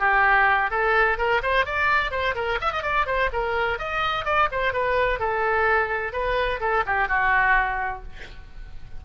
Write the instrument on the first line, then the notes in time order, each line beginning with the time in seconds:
oboe
0.00 G4
0.71 A4
1.18 A#4
1.43 C5
1.66 D5
2.12 C5
2.35 A#4
2.62 E5
2.73 D#5
2.83 D5
3.06 C5
3.33 A#4
3.79 D#5
4.25 D5
4.52 C5
4.73 B4
5.20 A4
6.13 B4
6.61 A4
6.87 G4
7.09 F#4